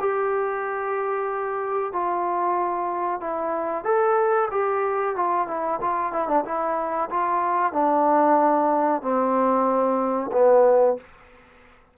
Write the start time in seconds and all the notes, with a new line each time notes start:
0.00 G4
1.93 F4
3.21 E4
3.85 A4
4.51 G4
5.16 F4
5.48 E4
5.82 F4
6.13 E4
6.28 D4
6.45 E4
7.11 F4
7.73 D4
9.02 C4
10.33 B3